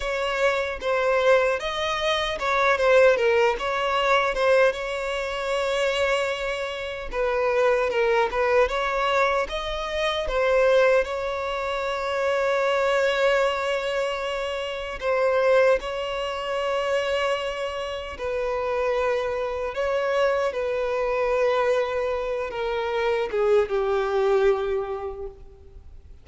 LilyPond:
\new Staff \with { instrumentName = "violin" } { \time 4/4 \tempo 4 = 76 cis''4 c''4 dis''4 cis''8 c''8 | ais'8 cis''4 c''8 cis''2~ | cis''4 b'4 ais'8 b'8 cis''4 | dis''4 c''4 cis''2~ |
cis''2. c''4 | cis''2. b'4~ | b'4 cis''4 b'2~ | b'8 ais'4 gis'8 g'2 | }